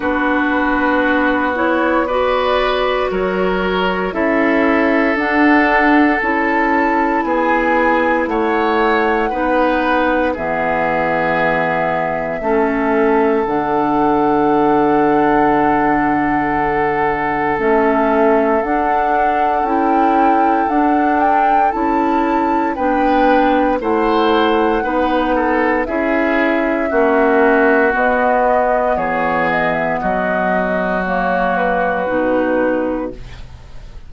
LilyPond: <<
  \new Staff \with { instrumentName = "flute" } { \time 4/4 \tempo 4 = 58 b'4. cis''8 d''4 cis''4 | e''4 fis''4 a''4 gis''4 | fis''2 e''2~ | e''4 fis''2.~ |
fis''4 e''4 fis''4 g''4 | fis''8 g''8 a''4 g''4 fis''4~ | fis''4 e''2 dis''4 | cis''8 dis''16 e''16 dis''4 cis''8 b'4. | }
  \new Staff \with { instrumentName = "oboe" } { \time 4/4 fis'2 b'4 ais'4 | a'2. gis'4 | cis''4 b'4 gis'2 | a'1~ |
a'1~ | a'2 b'4 c''4 | b'8 a'8 gis'4 fis'2 | gis'4 fis'2. | }
  \new Staff \with { instrumentName = "clarinet" } { \time 4/4 d'4. e'8 fis'2 | e'4 d'4 e'2~ | e'4 dis'4 b2 | cis'4 d'2.~ |
d'4 cis'4 d'4 e'4 | d'4 e'4 d'4 e'4 | dis'4 e'4 cis'4 b4~ | b2 ais4 dis'4 | }
  \new Staff \with { instrumentName = "bassoon" } { \time 4/4 b2. fis4 | cis'4 d'4 cis'4 b4 | a4 b4 e2 | a4 d2.~ |
d4 a4 d'4 cis'4 | d'4 cis'4 b4 a4 | b4 cis'4 ais4 b4 | e4 fis2 b,4 | }
>>